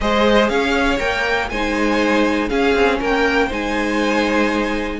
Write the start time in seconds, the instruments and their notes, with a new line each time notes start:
0.00 cello G#3, viola G#4, violin C5 D#5
0.48 cello C#4, violin C#5 F5
0.98 cello A#3, viola A#4, violin G5
1.49 cello G#3, viola D#4, violin C5 G#5
2.49 viola C#4, cello C#4, violin G#4 F5
2.74 cello C4
2.99 cello A#3, violin A#4 G5
3.46 cello G#3, viola D#4, violin C5 G#5